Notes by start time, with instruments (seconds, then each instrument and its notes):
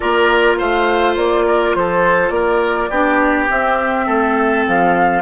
0.00 bassoon A#3, clarinet F4, oboe A#4, flute D5
0.58 bassoon A3, oboe C5, flute F5
1.16 bassoon A#3, flute D5
1.46 oboe A#4
1.75 bassoon F3, oboe A4, flute C5
2.29 bassoon A#3, oboe A#4, flute D5
2.89 bassoon B3, clarinet D4, oboe G4
3.48 clarinet C4, bassoon C4, flute E5
4.06 bassoon A3, oboe A4
4.66 bassoon F3, flute F5